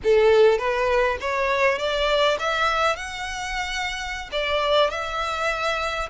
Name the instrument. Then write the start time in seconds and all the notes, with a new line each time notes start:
violin
0.03 A4
0.58 B4
1.20 C#5
1.78 D5
2.39 E5
2.95 F#5
4.32 D5
4.90 E5